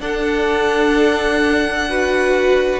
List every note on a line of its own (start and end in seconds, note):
0.00 2.80 D4
0.00 1.88 D4
0.00 1.89 A4
0.00 2.80 F#5
1.89 2.80 F#4
1.89 2.80 B4